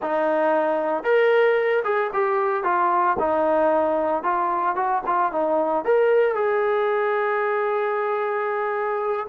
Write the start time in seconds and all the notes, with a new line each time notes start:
0.02 D#4
1.03 A#4
1.84 G#4
2.13 G4
2.63 F4
3.19 D#4
4.23 F4
4.75 F#4
5.06 F4
5.32 D#4
5.84 A#4
6.35 G#4